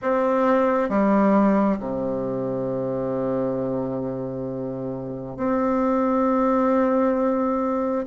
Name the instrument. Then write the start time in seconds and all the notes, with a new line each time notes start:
bassoon
0.02 C4
0.89 G3
1.79 C3
5.36 C4